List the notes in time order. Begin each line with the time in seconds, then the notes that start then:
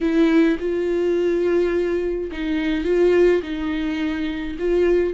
0.00 E4
0.59 F4
2.31 D#4
2.84 F4
3.42 D#4
4.59 F4